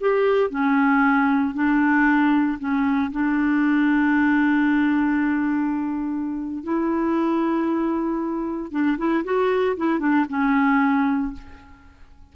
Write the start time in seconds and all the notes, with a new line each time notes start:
0.00 G4
0.50 C#4
1.54 D4
2.59 C#4
3.11 D4
6.63 E4
8.71 D4
8.97 E4
9.24 F#4
9.77 E4
9.99 D4
10.29 C#4